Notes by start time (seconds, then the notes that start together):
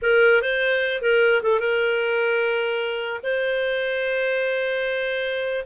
0.01 A#4
0.42 C5
1.01 A#4
1.42 A4
1.59 A#4
3.23 C5